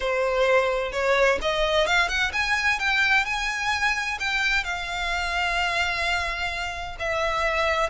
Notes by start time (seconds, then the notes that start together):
0.00 C5
0.92 C#5
1.41 D#5
1.86 F5
2.08 F#5
2.33 G#5
2.79 G5
3.25 G#5
4.19 G5
4.63 F5
6.99 E5